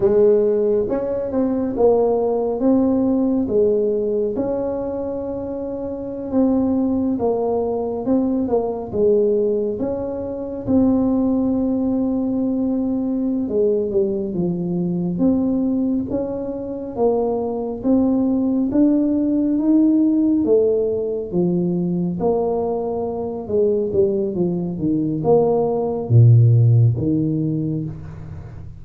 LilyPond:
\new Staff \with { instrumentName = "tuba" } { \time 4/4 \tempo 4 = 69 gis4 cis'8 c'8 ais4 c'4 | gis4 cis'2~ cis'16 c'8.~ | c'16 ais4 c'8 ais8 gis4 cis'8.~ | cis'16 c'2.~ c'16 gis8 |
g8 f4 c'4 cis'4 ais8~ | ais8 c'4 d'4 dis'4 a8~ | a8 f4 ais4. gis8 g8 | f8 dis8 ais4 ais,4 dis4 | }